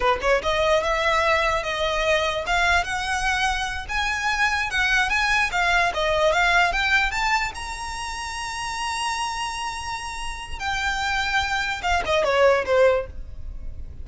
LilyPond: \new Staff \with { instrumentName = "violin" } { \time 4/4 \tempo 4 = 147 b'8 cis''8 dis''4 e''2 | dis''2 f''4 fis''4~ | fis''4. gis''2 fis''8~ | fis''8 gis''4 f''4 dis''4 f''8~ |
f''8 g''4 a''4 ais''4.~ | ais''1~ | ais''2 g''2~ | g''4 f''8 dis''8 cis''4 c''4 | }